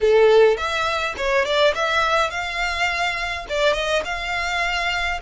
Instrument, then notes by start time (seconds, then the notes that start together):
violin
0.01 A4
0.57 E5
1.17 C#5
1.45 D5
1.74 E5
2.30 F5
3.49 D5
3.73 D#5
4.05 F5